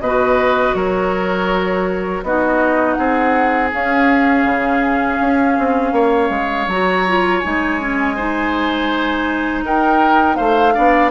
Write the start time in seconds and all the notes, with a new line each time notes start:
0.00 B2 B4 D#5
0.06 F#4
0.75 F#3 A#4 C#5
2.23 B3 D#4 F#4 D#5
2.94 C4 G#4 F#5
3.72 C#4 F5
4.44 C#3
5.21 C#4
5.58 C4
5.93 A#3 C#5
6.30 G#3
6.67 F#3 F#4 A#5
7.08 F4
7.39 D#4 G#5
7.46 G#3
7.80 C#4
8.16 D#4 C5
9.64 D#4 A#4 G5
10.36 A3 C5 F5
10.74 B3 D4 D5